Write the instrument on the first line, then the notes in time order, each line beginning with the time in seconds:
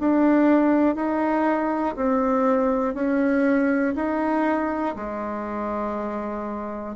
bassoon
0.00 D4
0.95 D#4
1.96 C4
2.94 C#4
3.95 D#4
4.96 G#3